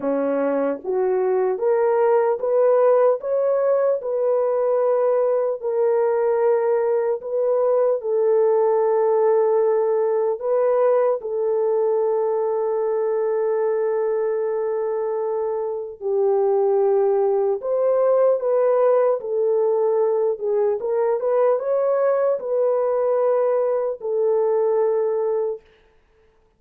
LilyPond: \new Staff \with { instrumentName = "horn" } { \time 4/4 \tempo 4 = 75 cis'4 fis'4 ais'4 b'4 | cis''4 b'2 ais'4~ | ais'4 b'4 a'2~ | a'4 b'4 a'2~ |
a'1 | g'2 c''4 b'4 | a'4. gis'8 ais'8 b'8 cis''4 | b'2 a'2 | }